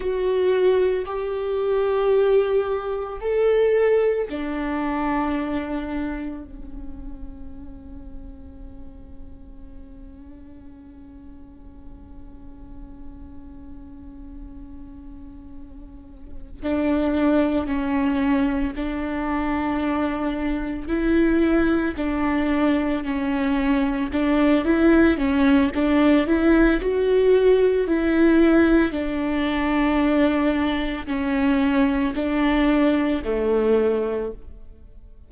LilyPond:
\new Staff \with { instrumentName = "viola" } { \time 4/4 \tempo 4 = 56 fis'4 g'2 a'4 | d'2 cis'2~ | cis'1~ | cis'2.~ cis'8 d'8~ |
d'8 cis'4 d'2 e'8~ | e'8 d'4 cis'4 d'8 e'8 cis'8 | d'8 e'8 fis'4 e'4 d'4~ | d'4 cis'4 d'4 a4 | }